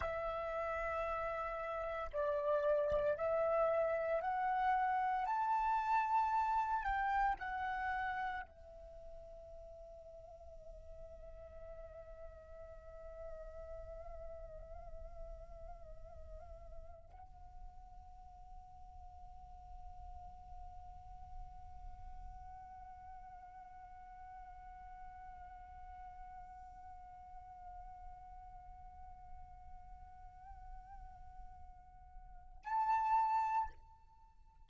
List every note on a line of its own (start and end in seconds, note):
0.00 2.09 E5
2.12 3.17 D5
3.17 4.21 E5
4.21 5.26 F#5
5.26 6.83 A5
6.83 7.35 G5
7.38 8.42 F#5
8.42 17.10 E5
17.11 32.64 F#5
32.64 33.69 A5